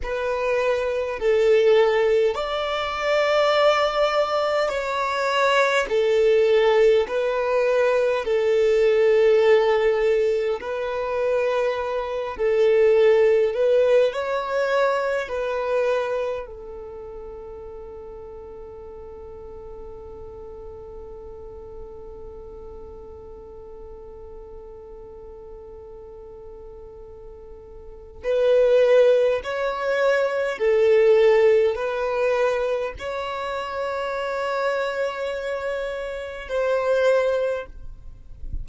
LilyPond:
\new Staff \with { instrumentName = "violin" } { \time 4/4 \tempo 4 = 51 b'4 a'4 d''2 | cis''4 a'4 b'4 a'4~ | a'4 b'4. a'4 b'8 | cis''4 b'4 a'2~ |
a'1~ | a'1 | b'4 cis''4 a'4 b'4 | cis''2. c''4 | }